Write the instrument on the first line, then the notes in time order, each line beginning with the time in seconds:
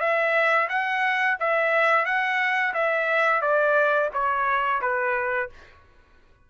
trumpet
0.00 E5
0.69 F#5
1.40 E5
2.05 F#5
2.74 E5
3.41 D5
4.14 C#5
4.81 B4